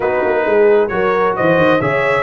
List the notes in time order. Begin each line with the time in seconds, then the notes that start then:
0.00 B3 D#4 F#4 B4
0.24 A#3
0.45 G#3 G#4
0.88 F#3 F#4 A#4 C#5
1.36 E3 C5 D#5
1.57 D#3
1.81 C#3 G#4 C#5 E5